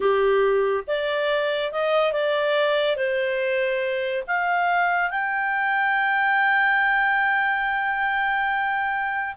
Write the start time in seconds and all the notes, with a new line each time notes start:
0.00 G4
0.87 D5
1.72 D#5
2.12 D5
2.96 C5
4.27 F5
5.10 G5